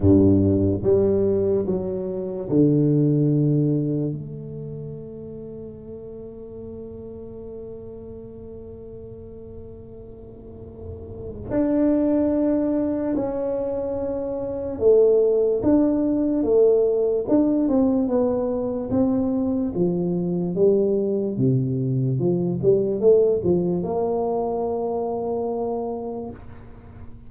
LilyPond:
\new Staff \with { instrumentName = "tuba" } { \time 4/4 \tempo 4 = 73 g,4 g4 fis4 d4~ | d4 a2.~ | a1~ | a2 d'2 |
cis'2 a4 d'4 | a4 d'8 c'8 b4 c'4 | f4 g4 c4 f8 g8 | a8 f8 ais2. | }